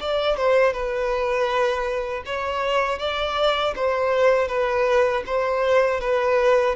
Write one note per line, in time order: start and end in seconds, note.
0.00 0.37 D5
0.37 0.73 C5
0.73 2.23 B4
2.25 2.99 C#5
2.99 3.74 D5
3.76 4.48 C5
4.48 5.23 B4
5.26 6.00 C5
6.00 6.75 B4